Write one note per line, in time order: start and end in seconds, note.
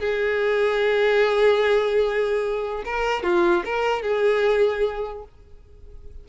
0.00 2.84 G#4
2.85 3.23 A#4
3.23 3.64 F4
3.65 4.02 A#4
4.02 5.24 G#4